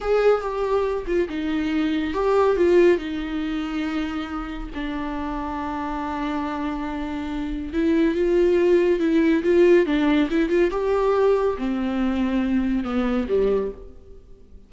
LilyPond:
\new Staff \with { instrumentName = "viola" } { \time 4/4 \tempo 4 = 140 gis'4 g'4. f'8 dis'4~ | dis'4 g'4 f'4 dis'4~ | dis'2. d'4~ | d'1~ |
d'2 e'4 f'4~ | f'4 e'4 f'4 d'4 | e'8 f'8 g'2 c'4~ | c'2 b4 g4 | }